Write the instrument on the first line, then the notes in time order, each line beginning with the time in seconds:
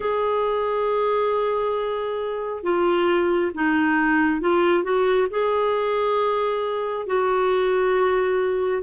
clarinet
0.00 G#4
2.63 F4
3.54 D#4
4.40 F4
4.83 F#4
5.30 G#4
7.06 F#4